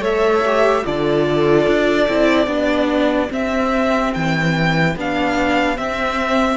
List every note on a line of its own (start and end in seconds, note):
0.00 0.82 A3
0.00 0.43 A4
0.00 0.83 C#5
0.00 0.86 E5
0.46 0.84 G4
0.84 1.67 D3
0.84 2.08 F4
0.84 2.48 A4
0.84 3.32 D5
1.67 2.08 D4
2.08 2.47 C4
2.08 2.47 E4
2.47 3.29 B3
2.47 3.28 D4
2.47 6.56 G4
3.28 4.92 C4
3.28 4.14 C4
3.28 4.14 E5
4.14 4.96 E3
4.14 4.96 G5
4.96 5.77 B3
4.96 5.77 D4
4.96 5.78 F5
5.77 6.56 C4
5.77 6.56 E5